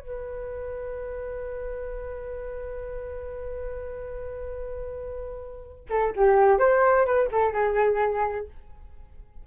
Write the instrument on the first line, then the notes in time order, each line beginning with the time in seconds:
flute
0.00 B4
5.90 A4
6.16 G4
6.59 C5
7.06 B4
7.32 A4
7.53 G#4